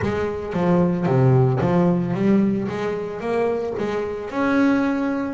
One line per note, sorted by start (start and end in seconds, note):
0.02 0.53 G#3
0.53 1.05 F3
1.05 1.59 C3
1.60 2.14 F3
2.14 2.67 G3
2.68 3.20 G#3
3.20 3.74 A#3
3.78 4.30 G#3
4.30 5.33 C#4